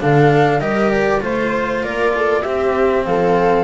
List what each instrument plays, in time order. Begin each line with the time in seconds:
0.00 double bass D3, cello D4, viola A4, flute F5
0.59 double bass G3, cello G4, viola A#4, flute D#5
0.90 flute D5
1.20 double bass A3, cello F4, flute C5, viola C5
1.83 double bass A#3, viola A#4, flute D5
2.15 viola A4
2.42 double bass C4, cello C4, viola G4, flute E5
3.05 double bass F3, viola A4, flute F5